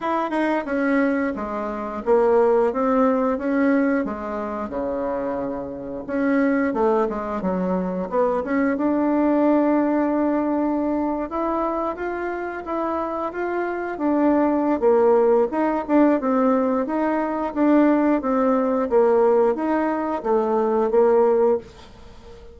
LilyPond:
\new Staff \with { instrumentName = "bassoon" } { \time 4/4 \tempo 4 = 89 e'8 dis'8 cis'4 gis4 ais4 | c'4 cis'4 gis4 cis4~ | cis4 cis'4 a8 gis8 fis4 | b8 cis'8 d'2.~ |
d'8. e'4 f'4 e'4 f'16~ | f'8. d'4~ d'16 ais4 dis'8 d'8 | c'4 dis'4 d'4 c'4 | ais4 dis'4 a4 ais4 | }